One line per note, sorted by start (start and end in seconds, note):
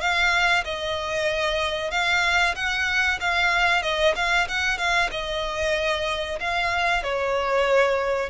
0.00 0.64 F5
0.64 1.90 D#5
1.90 2.54 F5
2.55 3.19 F#5
3.20 3.82 F5
3.82 4.14 D#5
4.15 4.47 F5
4.48 4.78 F#5
4.78 5.09 F5
5.11 6.39 D#5
6.40 7.03 F5
7.03 8.29 C#5